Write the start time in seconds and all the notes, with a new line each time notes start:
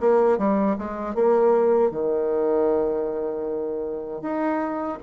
0.00 A#3
0.38 G3
0.78 G#3
1.15 A#3
1.91 D#3
4.21 D#4